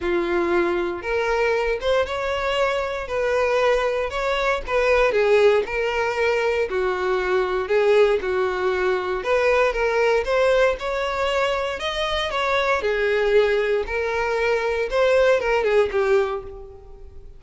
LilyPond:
\new Staff \with { instrumentName = "violin" } { \time 4/4 \tempo 4 = 117 f'2 ais'4. c''8 | cis''2 b'2 | cis''4 b'4 gis'4 ais'4~ | ais'4 fis'2 gis'4 |
fis'2 b'4 ais'4 | c''4 cis''2 dis''4 | cis''4 gis'2 ais'4~ | ais'4 c''4 ais'8 gis'8 g'4 | }